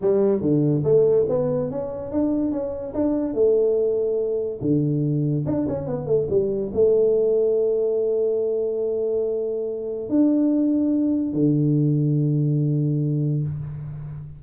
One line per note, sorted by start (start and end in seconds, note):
0.01 0.41 G3
0.41 0.83 D3
0.84 1.26 A3
1.28 1.70 B3
1.71 2.11 C#4
2.11 2.51 D4
2.51 2.93 C#4
2.94 3.34 D4
3.34 4.59 A3
4.61 5.45 D3
5.45 5.66 D4
5.68 5.86 C#4
5.86 6.06 B3
6.06 6.27 A3
6.29 6.71 G3
6.73 10.09 A3
10.09 11.33 D4
11.33 13.43 D3